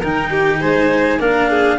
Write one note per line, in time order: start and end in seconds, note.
0.00 0.62 D#3
0.00 1.19 D#4
0.00 0.30 A#4
0.00 0.61 G5
0.30 0.60 G4
0.60 1.19 G#3
0.60 1.19 C5
0.60 1.20 G#5
1.19 1.79 A#3
1.19 1.79 D4
1.19 1.50 A#4
1.19 1.79 F5
1.50 1.79 G#4